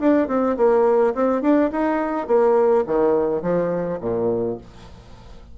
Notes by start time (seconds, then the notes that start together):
0.00 D4
0.28 C4
0.57 A#3
1.15 C4
1.42 D4
1.72 D#4
2.28 A#3
2.87 D#3
3.42 F3
4.01 A#2